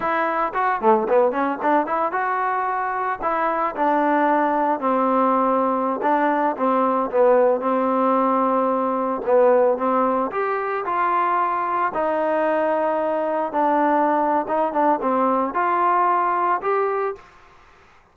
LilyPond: \new Staff \with { instrumentName = "trombone" } { \time 4/4 \tempo 4 = 112 e'4 fis'8 a8 b8 cis'8 d'8 e'8 | fis'2 e'4 d'4~ | d'4 c'2~ c'16 d'8.~ | d'16 c'4 b4 c'4.~ c'16~ |
c'4~ c'16 b4 c'4 g'8.~ | g'16 f'2 dis'4.~ dis'16~ | dis'4~ dis'16 d'4.~ d'16 dis'8 d'8 | c'4 f'2 g'4 | }